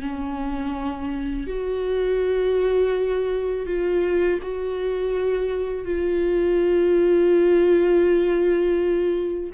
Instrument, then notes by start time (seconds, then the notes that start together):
viola
0.00 C#4
1.47 F#4
3.66 F4
4.42 F#4
5.84 F4